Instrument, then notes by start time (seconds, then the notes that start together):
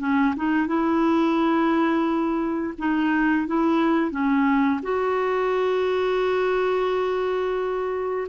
clarinet
0.00 C#4
0.36 D#4
0.67 E4
2.78 D#4
3.47 E4
4.11 C#4
4.83 F#4